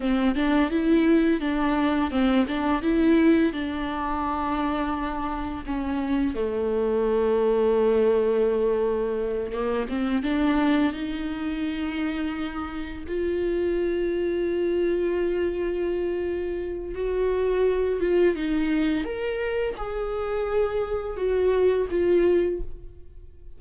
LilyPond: \new Staff \with { instrumentName = "viola" } { \time 4/4 \tempo 4 = 85 c'8 d'8 e'4 d'4 c'8 d'8 | e'4 d'2. | cis'4 a2.~ | a4. ais8 c'8 d'4 dis'8~ |
dis'2~ dis'8 f'4.~ | f'1 | fis'4. f'8 dis'4 ais'4 | gis'2 fis'4 f'4 | }